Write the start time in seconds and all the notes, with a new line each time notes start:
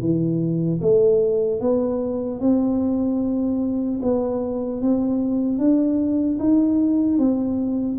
0.00 E3
0.81 A3
1.60 B3
2.40 C4
4.03 B3
4.81 C4
5.58 D4
6.39 D#4
7.18 C4